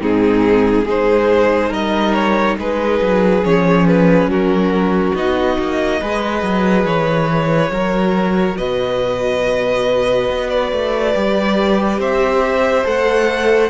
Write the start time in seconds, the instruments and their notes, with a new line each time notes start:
0.00 cello G#2, viola C4, violin D#4 G#4
0.84 cello G#3, viola D#4, violin G#4 C5
1.69 cello G3, violin A#4 D#5
2.13 violin C#5
2.57 cello G#3, violin G#4 B4
3.01 cello F#3
3.44 cello F3, viola C#4, violin C#5
3.87 violin B4
4.26 cello F#3, violin F#4 A#4
5.14 cello B3, viola D#4, violin D#5
5.58 cello A#3
6.00 cello G#3, viola G#4, violin B4
6.42 cello F#3
6.84 cello E3, violin C#5
7.70 cello F#3, viola F#4, violin A#4
8.57 cello B2, violin B4 D#5
10.29 cello B3
10.49 violin D5
10.72 cello A3
11.14 cello G3, viola G4
11.98 cello C4, violin C5 E5
12.84 cello A3, viola A4, violin F#5